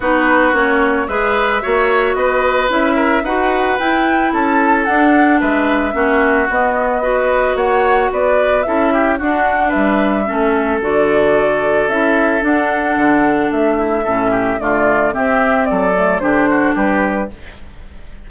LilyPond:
<<
  \new Staff \with { instrumentName = "flute" } { \time 4/4 \tempo 4 = 111 b'4 cis''4 e''2 | dis''4 e''4 fis''4 g''4 | a''4 fis''4 e''2 | dis''2 fis''4 d''4 |
e''4 fis''4 e''2 | d''2 e''4 fis''4~ | fis''4 e''2 d''4 | e''4 d''4 c''4 b'4 | }
  \new Staff \with { instrumentName = "oboe" } { \time 4/4 fis'2 b'4 cis''4 | b'4. ais'8 b'2 | a'2 b'4 fis'4~ | fis'4 b'4 cis''4 b'4 |
a'8 g'8 fis'4 b'4 a'4~ | a'1~ | a'4. e'8 a'8 g'8 f'4 | g'4 a'4 g'8 fis'8 g'4 | }
  \new Staff \with { instrumentName = "clarinet" } { \time 4/4 dis'4 cis'4 gis'4 fis'4~ | fis'4 e'4 fis'4 e'4~ | e'4 d'2 cis'4 | b4 fis'2. |
e'4 d'2 cis'4 | fis'2 e'4 d'4~ | d'2 cis'4 a4 | c'4. a8 d'2 | }
  \new Staff \with { instrumentName = "bassoon" } { \time 4/4 b4 ais4 gis4 ais4 | b4 cis'4 dis'4 e'4 | cis'4 d'4 gis4 ais4 | b2 ais4 b4 |
cis'4 d'4 g4 a4 | d2 cis'4 d'4 | d4 a4 a,4 d4 | c'4 fis4 d4 g4 | }
>>